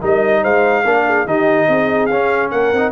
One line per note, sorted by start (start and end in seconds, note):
0.00 0.43 G3
0.00 0.84 D#4
0.00 0.41 A#4
0.00 0.44 D#5
0.41 0.85 G#3
0.41 0.83 C5
0.41 1.27 F5
0.84 1.25 A#3
0.84 1.26 D4
0.84 1.04 A#4
1.06 1.26 G#4
1.25 1.67 D#3
1.25 2.10 D#4
1.25 1.68 G4
1.25 2.06 D#5
1.68 2.09 C4
1.68 2.51 G#4
2.06 2.51 C#4
2.06 2.74 C#4
2.06 2.48 F5
2.50 2.72 A#3
2.50 2.92 A#4
2.50 2.92 F#5
2.72 2.92 C4
2.72 2.92 D#4